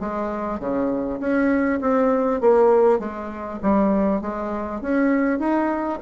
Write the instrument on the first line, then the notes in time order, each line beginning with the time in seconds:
bassoon
0.00 G#3
0.59 C#3
1.20 C#4
1.81 C4
2.41 A#3
2.99 G#3
3.62 G3
4.21 G#3
4.81 C#4
5.39 D#4